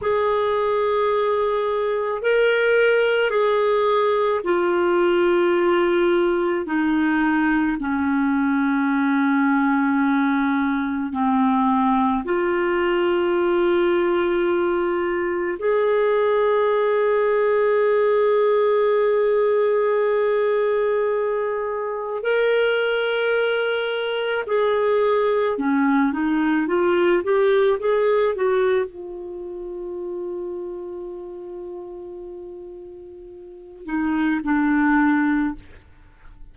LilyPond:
\new Staff \with { instrumentName = "clarinet" } { \time 4/4 \tempo 4 = 54 gis'2 ais'4 gis'4 | f'2 dis'4 cis'4~ | cis'2 c'4 f'4~ | f'2 gis'2~ |
gis'1 | ais'2 gis'4 cis'8 dis'8 | f'8 g'8 gis'8 fis'8 f'2~ | f'2~ f'8 dis'8 d'4 | }